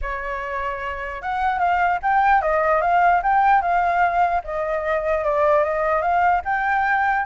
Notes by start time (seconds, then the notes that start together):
0.01 C#5
1.22 F#5
1.59 F5
2.02 G5
2.41 D#5
2.81 F5
3.23 G5
3.61 F5
4.43 D#5
5.24 D5
5.63 D#5
6.01 F5
6.44 G5